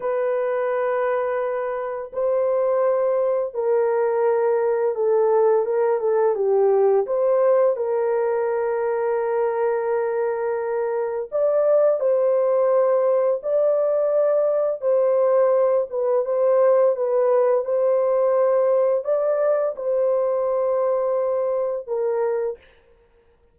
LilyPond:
\new Staff \with { instrumentName = "horn" } { \time 4/4 \tempo 4 = 85 b'2. c''4~ | c''4 ais'2 a'4 | ais'8 a'8 g'4 c''4 ais'4~ | ais'1 |
d''4 c''2 d''4~ | d''4 c''4. b'8 c''4 | b'4 c''2 d''4 | c''2. ais'4 | }